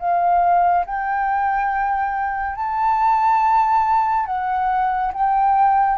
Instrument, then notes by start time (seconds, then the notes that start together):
flute
0.00 F5
0.86 G5
2.56 A5
4.26 F#5
5.13 G5